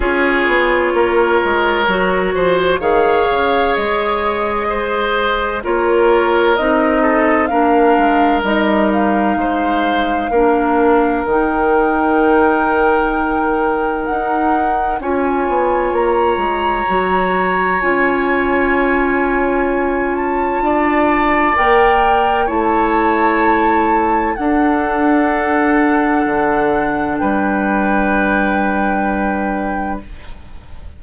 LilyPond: <<
  \new Staff \with { instrumentName = "flute" } { \time 4/4 \tempo 4 = 64 cis''2. f''4 | dis''2 cis''4 dis''4 | f''4 dis''8 f''2~ f''8 | g''2. fis''4 |
gis''4 ais''2 gis''4~ | gis''4. a''4. g''4 | a''2 fis''2~ | fis''4 g''2. | }
  \new Staff \with { instrumentName = "oboe" } { \time 4/4 gis'4 ais'4. c''8 cis''4~ | cis''4 c''4 ais'4. a'8 | ais'2 c''4 ais'4~ | ais'1 |
cis''1~ | cis''2 d''2 | cis''2 a'2~ | a'4 b'2. | }
  \new Staff \with { instrumentName = "clarinet" } { \time 4/4 f'2 fis'4 gis'4~ | gis'2 f'4 dis'4 | d'4 dis'2 d'4 | dis'1 |
f'2 fis'4 f'4~ | f'2. ais'4 | e'2 d'2~ | d'1 | }
  \new Staff \with { instrumentName = "bassoon" } { \time 4/4 cis'8 b8 ais8 gis8 fis8 f8 dis8 cis8 | gis2 ais4 c'4 | ais8 gis8 g4 gis4 ais4 | dis2. dis'4 |
cis'8 b8 ais8 gis8 fis4 cis'4~ | cis'2 d'4 ais4 | a2 d'2 | d4 g2. | }
>>